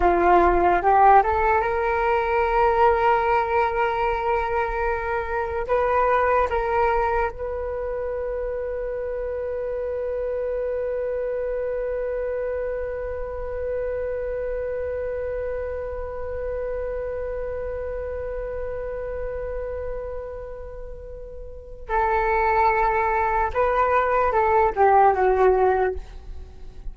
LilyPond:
\new Staff \with { instrumentName = "flute" } { \time 4/4 \tempo 4 = 74 f'4 g'8 a'8 ais'2~ | ais'2. b'4 | ais'4 b'2.~ | b'1~ |
b'1~ | b'1~ | b'2. a'4~ | a'4 b'4 a'8 g'8 fis'4 | }